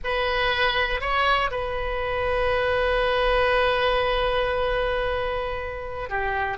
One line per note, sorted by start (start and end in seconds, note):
0.03 1.01 B4
1.01 1.50 C#5
1.51 6.09 B4
6.09 6.57 G4